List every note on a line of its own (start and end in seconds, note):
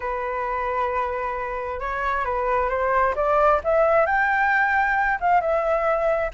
0.00 1.79 B4
1.79 2.25 C#5
2.25 2.69 B4
2.69 3.14 C5
3.15 3.60 D5
3.63 4.06 E5
4.06 5.19 G5
5.20 5.40 F5
5.40 6.31 E5